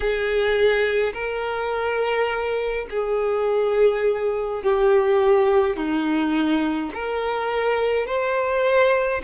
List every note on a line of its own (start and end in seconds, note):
0.00 1.13 G#4
1.13 2.86 A#4
2.90 4.63 G#4
4.63 5.76 G4
5.76 6.91 D#4
6.93 8.06 A#4
8.06 9.22 C5